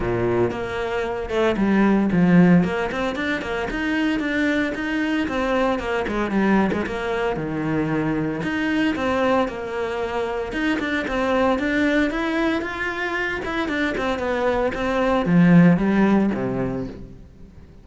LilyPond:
\new Staff \with { instrumentName = "cello" } { \time 4/4 \tempo 4 = 114 ais,4 ais4. a8 g4 | f4 ais8 c'8 d'8 ais8 dis'4 | d'4 dis'4 c'4 ais8 gis8 | g8. gis16 ais4 dis2 |
dis'4 c'4 ais2 | dis'8 d'8 c'4 d'4 e'4 | f'4. e'8 d'8 c'8 b4 | c'4 f4 g4 c4 | }